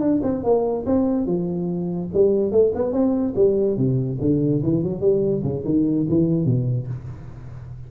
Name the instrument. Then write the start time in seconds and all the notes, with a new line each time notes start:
tuba
0.00 D4
0.23 C4
0.44 A#3
0.86 C4
1.26 F3
2.14 G3
2.52 A3
2.74 B3
2.92 C4
3.35 G3
3.77 C3
4.20 D3
4.62 E3
4.83 F#3
5.01 G3
5.43 C#3
5.65 D#3
6.09 E3
6.45 B2